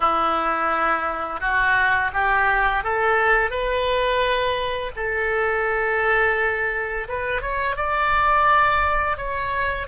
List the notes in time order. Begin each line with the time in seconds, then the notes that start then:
0.00 E4
1.40 F#4
2.13 G4
2.83 A4
3.50 B4
4.95 A4
7.08 B4
7.41 C#5
7.76 D5
9.17 C#5